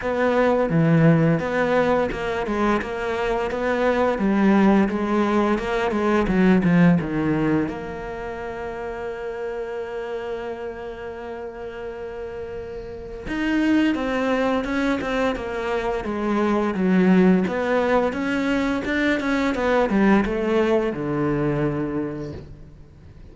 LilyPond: \new Staff \with { instrumentName = "cello" } { \time 4/4 \tempo 4 = 86 b4 e4 b4 ais8 gis8 | ais4 b4 g4 gis4 | ais8 gis8 fis8 f8 dis4 ais4~ | ais1~ |
ais2. dis'4 | c'4 cis'8 c'8 ais4 gis4 | fis4 b4 cis'4 d'8 cis'8 | b8 g8 a4 d2 | }